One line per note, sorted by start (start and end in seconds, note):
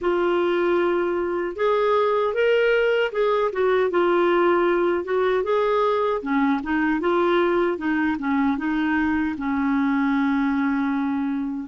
0.01 1.55 F4
1.55 2.33 G#4
2.33 3.11 A#4
3.12 3.51 G#4
3.52 3.90 F#4
3.90 5.04 F4
5.04 5.43 F#4
5.43 6.21 G#4
6.22 6.61 C#4
6.63 7.00 D#4
7.00 7.77 F4
7.77 8.16 D#4
8.18 8.57 C#4
8.57 9.35 D#4
9.37 11.68 C#4